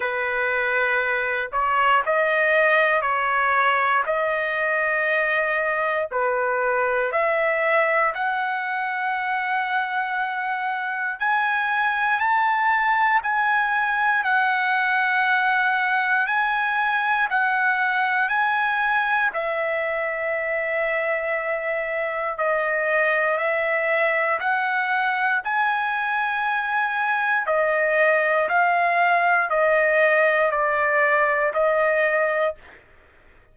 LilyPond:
\new Staff \with { instrumentName = "trumpet" } { \time 4/4 \tempo 4 = 59 b'4. cis''8 dis''4 cis''4 | dis''2 b'4 e''4 | fis''2. gis''4 | a''4 gis''4 fis''2 |
gis''4 fis''4 gis''4 e''4~ | e''2 dis''4 e''4 | fis''4 gis''2 dis''4 | f''4 dis''4 d''4 dis''4 | }